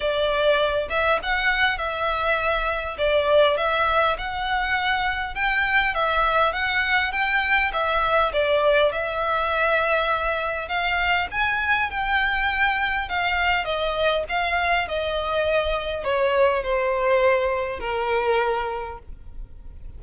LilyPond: \new Staff \with { instrumentName = "violin" } { \time 4/4 \tempo 4 = 101 d''4. e''8 fis''4 e''4~ | e''4 d''4 e''4 fis''4~ | fis''4 g''4 e''4 fis''4 | g''4 e''4 d''4 e''4~ |
e''2 f''4 gis''4 | g''2 f''4 dis''4 | f''4 dis''2 cis''4 | c''2 ais'2 | }